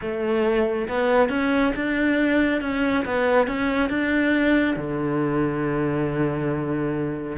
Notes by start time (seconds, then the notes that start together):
0.01 A3
0.88 B3
1.29 C#4
1.75 D4
2.61 C#4
3.05 B3
3.47 C#4
3.89 D4
4.76 D3